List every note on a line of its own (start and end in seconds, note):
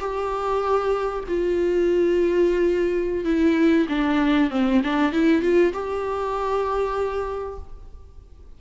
0.00 1.24 G4
1.28 3.25 F4
3.25 3.87 E4
3.89 4.50 D4
4.50 4.81 C4
4.84 5.12 D4
5.12 5.42 E4
5.42 5.73 F4
5.73 7.59 G4